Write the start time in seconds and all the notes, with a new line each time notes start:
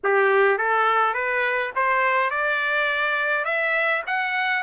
0.03 G4
0.58 A4
1.14 B4
1.75 C5
2.30 D5
3.45 E5
4.06 F#5